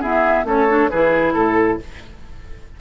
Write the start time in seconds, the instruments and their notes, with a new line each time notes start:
0.00 clarinet B3, bassoon E4, oboe G#4, flute E5
0.44 bassoon A3, clarinet C#4, oboe A4, flute C#5
0.68 clarinet D4
0.90 bassoon E3, clarinet E4, oboe G#4, flute B4
1.34 bassoon A2, oboe A4, flute A4